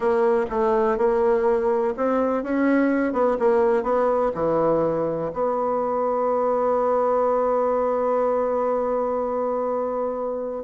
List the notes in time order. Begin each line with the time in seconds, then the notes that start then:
0.00 A#3
0.50 A3
0.97 A#3
1.96 C4
2.43 C#4
3.13 B3
3.39 A#3
3.83 B3
4.34 E3
5.33 B3